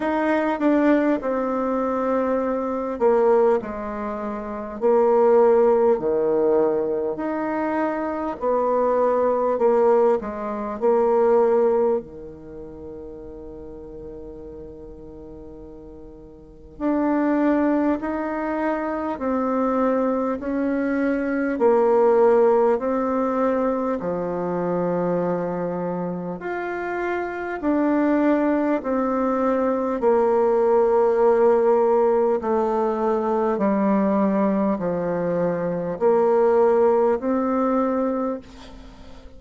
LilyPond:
\new Staff \with { instrumentName = "bassoon" } { \time 4/4 \tempo 4 = 50 dis'8 d'8 c'4. ais8 gis4 | ais4 dis4 dis'4 b4 | ais8 gis8 ais4 dis2~ | dis2 d'4 dis'4 |
c'4 cis'4 ais4 c'4 | f2 f'4 d'4 | c'4 ais2 a4 | g4 f4 ais4 c'4 | }